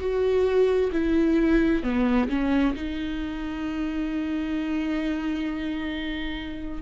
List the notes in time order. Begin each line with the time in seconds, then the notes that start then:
0.00 F#4
0.92 E4
1.83 B3
2.29 C#4
2.76 D#4